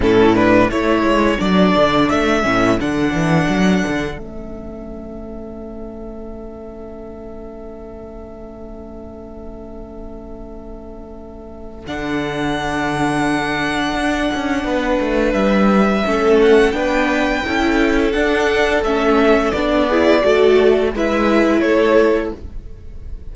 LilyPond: <<
  \new Staff \with { instrumentName = "violin" } { \time 4/4 \tempo 4 = 86 a'8 b'8 cis''4 d''4 e''4 | fis''2 e''2~ | e''1~ | e''1~ |
e''4 fis''2.~ | fis''2 e''4. fis''8 | g''2 fis''4 e''4 | d''2 e''4 cis''4 | }
  \new Staff \with { instrumentName = "violin" } { \time 4/4 e'4 a'2.~ | a'1~ | a'1~ | a'1~ |
a'1~ | a'4 b'2 a'4 | b'4 a'2.~ | a'8 gis'8 a'4 b'4 a'4 | }
  \new Staff \with { instrumentName = "viola" } { \time 4/4 cis'8 d'8 e'4 d'4. cis'8 | d'2 cis'2~ | cis'1~ | cis'1~ |
cis'4 d'2.~ | d'2. cis'4 | d'4 e'4 d'4 cis'4 | d'8 e'8 fis'4 e'2 | }
  \new Staff \with { instrumentName = "cello" } { \time 4/4 a,4 a8 gis8 fis8 d8 a8 a,8 | d8 e8 fis8 d8 a2~ | a1~ | a1~ |
a4 d2. | d'8 cis'8 b8 a8 g4 a4 | b4 cis'4 d'4 a4 | b4 a4 gis4 a4 | }
>>